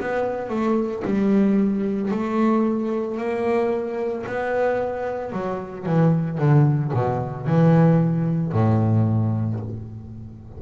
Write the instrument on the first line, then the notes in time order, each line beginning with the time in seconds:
double bass
0.00 B3
0.50 A3
1.05 G3
2.11 A3
3.18 A#3
4.27 B3
5.33 F#3
5.86 E3
6.38 D3
6.94 B2
7.47 E3
8.53 A2